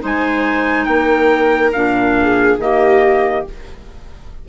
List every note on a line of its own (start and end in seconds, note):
0.00 0.87 G#3
0.00 1.71 D#4
0.00 0.85 C5
0.00 0.85 G#5
0.85 1.72 A#3
0.85 2.14 A#4
0.85 1.71 G5
1.72 2.58 A#2
1.72 2.59 D4
1.72 2.58 F5
2.21 2.62 G#4
2.58 3.44 D#3
2.58 3.45 A#3
2.58 3.48 G4
2.58 3.46 D#5